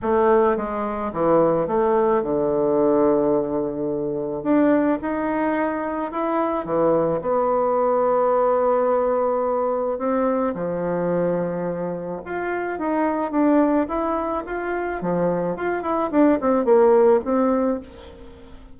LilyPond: \new Staff \with { instrumentName = "bassoon" } { \time 4/4 \tempo 4 = 108 a4 gis4 e4 a4 | d1 | d'4 dis'2 e'4 | e4 b2.~ |
b2 c'4 f4~ | f2 f'4 dis'4 | d'4 e'4 f'4 f4 | f'8 e'8 d'8 c'8 ais4 c'4 | }